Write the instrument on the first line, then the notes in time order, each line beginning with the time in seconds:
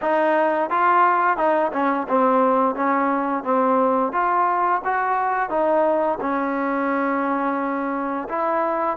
trombone
0.01 D#4
0.70 F4
1.37 D#4
1.72 C#4
2.08 C4
2.75 C#4
3.43 C4
4.12 F4
4.84 F#4
5.49 D#4
6.21 C#4
8.29 E4